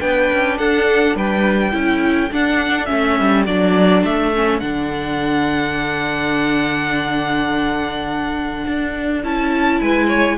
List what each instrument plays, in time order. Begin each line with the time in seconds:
0.00 cello B3, viola D4, violin B4 G5
0.33 cello C#4
0.59 cello D4, violin A4 F#5
1.16 cello G3, violin B4 G5
1.72 cello C#4, viola E4, violin A4
2.32 cello D4, viola D4, violin F#5
2.86 cello A3, viola C#4, violin E5
3.21 cello G3
3.46 cello F#3, viola D4, violin D5
4.04 cello A3, violin E5
4.35 viola C#4
4.60 cello D3, viola D4, violin F#5
8.67 cello D4
9.24 cello C#4, viola E4, violin A5
9.81 cello G#3, violin B4 G#5
10.07 violin C#5